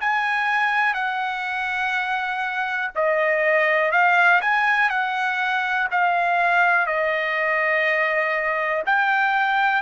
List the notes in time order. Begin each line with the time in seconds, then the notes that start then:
0.00 G#5
0.94 F#5
2.95 D#5
3.91 F5
4.41 G#5
4.89 F#5
5.91 F5
6.86 D#5
8.86 G5